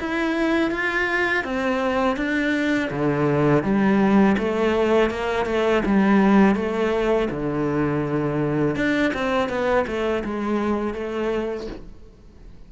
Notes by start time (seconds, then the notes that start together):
0.00 E4
0.72 F4
1.45 C4
2.17 D4
2.91 D3
3.64 G3
4.39 A3
5.10 A#3
5.46 A3
5.86 G3
6.56 A3
7.30 D3
8.76 D4
9.14 C4
9.49 B3
9.87 A3
10.25 G#3
10.94 A3